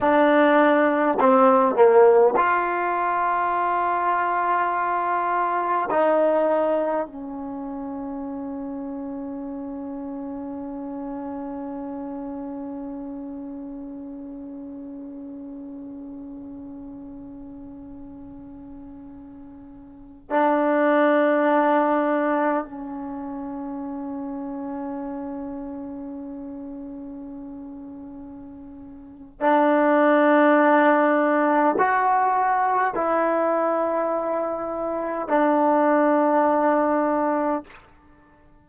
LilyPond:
\new Staff \with { instrumentName = "trombone" } { \time 4/4 \tempo 4 = 51 d'4 c'8 ais8 f'2~ | f'4 dis'4 cis'2~ | cis'1~ | cis'1~ |
cis'4~ cis'16 d'2 cis'8.~ | cis'1~ | cis'4 d'2 fis'4 | e'2 d'2 | }